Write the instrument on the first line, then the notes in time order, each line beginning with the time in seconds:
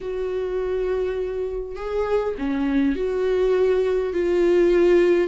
viola
0.00 F#4
1.76 G#4
2.38 C#4
2.95 F#4
4.13 F4